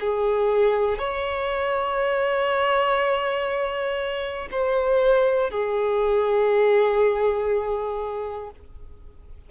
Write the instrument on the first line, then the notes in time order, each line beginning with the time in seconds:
violin
0.00 G#4
0.98 C#5
4.51 C5
5.50 G#4